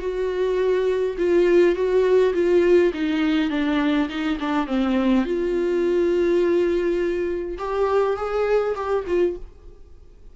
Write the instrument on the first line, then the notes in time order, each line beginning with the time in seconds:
viola
0.00 F#4
1.18 F4
1.76 F#4
2.34 F4
2.94 D#4
3.51 D4
4.09 D#4
4.40 D4
4.67 C4
5.25 F4
7.59 G4
8.17 G#4
8.76 G4
9.07 F4